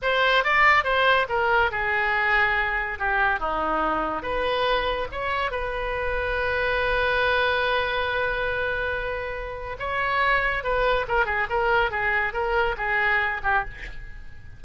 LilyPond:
\new Staff \with { instrumentName = "oboe" } { \time 4/4 \tempo 4 = 141 c''4 d''4 c''4 ais'4 | gis'2. g'4 | dis'2 b'2 | cis''4 b'2.~ |
b'1~ | b'2. cis''4~ | cis''4 b'4 ais'8 gis'8 ais'4 | gis'4 ais'4 gis'4. g'8 | }